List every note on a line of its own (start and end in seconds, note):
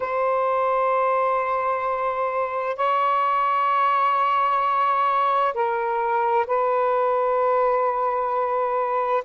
0.00 2.76 C5
2.76 5.53 C#5
5.53 6.46 A#4
6.46 9.23 B4